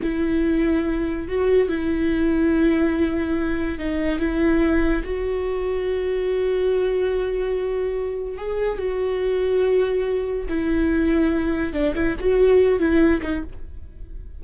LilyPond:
\new Staff \with { instrumentName = "viola" } { \time 4/4 \tempo 4 = 143 e'2. fis'4 | e'1~ | e'4 dis'4 e'2 | fis'1~ |
fis'1 | gis'4 fis'2.~ | fis'4 e'2. | d'8 e'8 fis'4. e'4 dis'8 | }